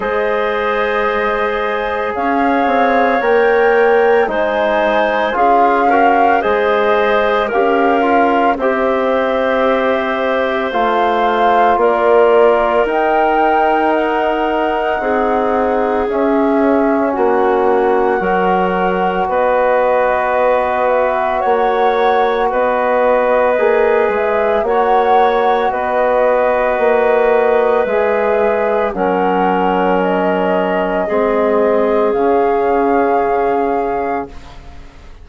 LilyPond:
<<
  \new Staff \with { instrumentName = "flute" } { \time 4/4 \tempo 4 = 56 dis''2 f''4 g''4 | gis''4 f''4 dis''4 f''4 | e''2 f''4 d''4 | g''4 fis''2 e''4 |
fis''2 dis''4. e''8 | fis''4 dis''4. e''8 fis''4 | dis''2 e''4 fis''4 | dis''2 f''2 | }
  \new Staff \with { instrumentName = "clarinet" } { \time 4/4 c''2 cis''2 | c''4 gis'8 ais'8 c''4 ais'4 | c''2. ais'4~ | ais'2 gis'2 |
fis'4 ais'4 b'2 | cis''4 b'2 cis''4 | b'2. ais'4~ | ais'4 gis'2. | }
  \new Staff \with { instrumentName = "trombone" } { \time 4/4 gis'2. ais'4 | dis'4 f'8 fis'8 gis'4 g'8 f'8 | g'2 f'2 | dis'2. cis'4~ |
cis'4 fis'2.~ | fis'2 gis'4 fis'4~ | fis'2 gis'4 cis'4~ | cis'4 c'4 cis'2 | }
  \new Staff \with { instrumentName = "bassoon" } { \time 4/4 gis2 cis'8 c'8 ais4 | gis4 cis'4 gis4 cis'4 | c'2 a4 ais4 | dis'2 c'4 cis'4 |
ais4 fis4 b2 | ais4 b4 ais8 gis8 ais4 | b4 ais4 gis4 fis4~ | fis4 gis4 cis2 | }
>>